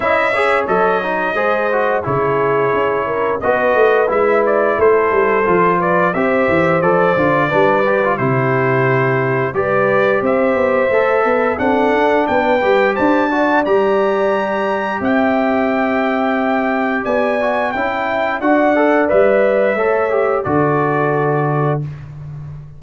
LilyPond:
<<
  \new Staff \with { instrumentName = "trumpet" } { \time 4/4 \tempo 4 = 88 e''4 dis''2 cis''4~ | cis''4 dis''4 e''8 d''8 c''4~ | c''8 d''8 e''4 d''2 | c''2 d''4 e''4~ |
e''4 fis''4 g''4 a''4 | ais''2 g''2~ | g''4 gis''4 g''4 fis''4 | e''2 d''2 | }
  \new Staff \with { instrumentName = "horn" } { \time 4/4 dis''8 cis''4. c''4 gis'4~ | gis'8 ais'8 b'2 a'4~ | a'8 b'8 c''2 b'4 | g'2 b'4 c''4~ |
c''8 b'8 a'4 b'4 c''8 d''8~ | d''2 e''2~ | e''4 d''4 e''4 d''4~ | d''4 cis''4 a'2 | }
  \new Staff \with { instrumentName = "trombone" } { \time 4/4 e'8 gis'8 a'8 dis'8 gis'8 fis'8 e'4~ | e'4 fis'4 e'2 | f'4 g'4 a'8 f'8 d'8 g'16 f'16 | e'2 g'2 |
a'4 d'4. g'4 fis'8 | g'1~ | g'4. fis'8 e'4 fis'8 a'8 | b'4 a'8 g'8 fis'2 | }
  \new Staff \with { instrumentName = "tuba" } { \time 4/4 cis'4 fis4 gis4 cis4 | cis'4 b8 a8 gis4 a8 g8 | f4 c'8 e8 f8 d8 g4 | c2 g4 c'8 b8 |
a8 b8 c'8 d'8 b8 g8 d'4 | g2 c'2~ | c'4 b4 cis'4 d'4 | g4 a4 d2 | }
>>